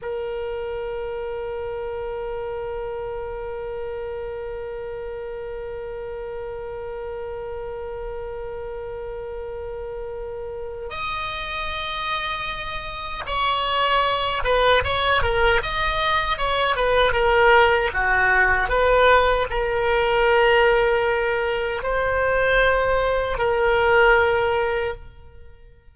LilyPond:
\new Staff \with { instrumentName = "oboe" } { \time 4/4 \tempo 4 = 77 ais'1~ | ais'1~ | ais'1~ | ais'2 dis''2~ |
dis''4 cis''4. b'8 cis''8 ais'8 | dis''4 cis''8 b'8 ais'4 fis'4 | b'4 ais'2. | c''2 ais'2 | }